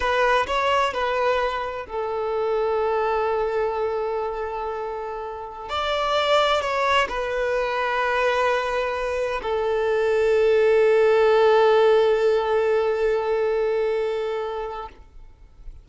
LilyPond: \new Staff \with { instrumentName = "violin" } { \time 4/4 \tempo 4 = 129 b'4 cis''4 b'2 | a'1~ | a'1~ | a'16 d''2 cis''4 b'8.~ |
b'1~ | b'16 a'2.~ a'8.~ | a'1~ | a'1 | }